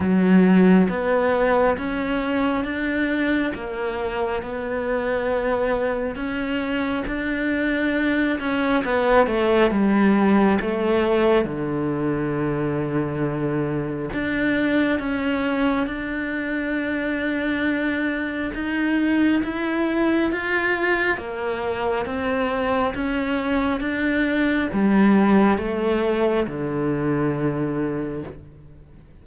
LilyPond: \new Staff \with { instrumentName = "cello" } { \time 4/4 \tempo 4 = 68 fis4 b4 cis'4 d'4 | ais4 b2 cis'4 | d'4. cis'8 b8 a8 g4 | a4 d2. |
d'4 cis'4 d'2~ | d'4 dis'4 e'4 f'4 | ais4 c'4 cis'4 d'4 | g4 a4 d2 | }